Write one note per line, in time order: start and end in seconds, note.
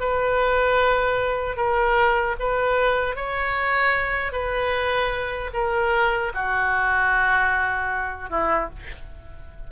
0.00 1.57 B4
1.57 2.36 A#4
2.40 3.16 B4
3.16 4.32 C#5
4.32 5.51 B4
5.53 6.32 A#4
6.34 8.30 F#4
8.30 8.69 E4